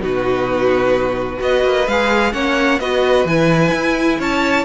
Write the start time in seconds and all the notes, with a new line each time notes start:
0.00 B2 D#4 F#4 B4
1.38 B3 F#4 B4 D#5
1.64 A#3
1.87 G#3 G#4 F5
2.32 A#3 C#4 C#5 F#5
2.80 B3 F#4 B4 D#5
3.25 E3 E4 G#5
3.73 E4
4.19 C#4 C#5 A5